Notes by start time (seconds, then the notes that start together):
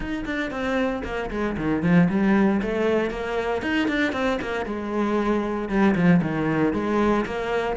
0.00 D#4
0.25 D4
0.50 C4
1.04 A#3
1.30 G#3
1.57 D#3
1.82 F3
2.09 G3
2.62 A3
3.10 A#3
3.62 D#4
3.88 D4
4.12 C4
4.41 A#3
4.65 G#3
5.68 G3
5.95 F3
6.22 D#3
6.73 G#3
7.25 A#3